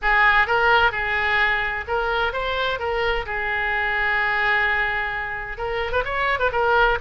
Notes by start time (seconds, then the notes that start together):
0.02 G#4
0.46 A#4
0.91 G#4
1.87 A#4
2.32 C5
2.79 A#4
3.26 G#4
5.57 A#4
5.92 B4
6.05 C#5
6.39 B4
6.51 A#4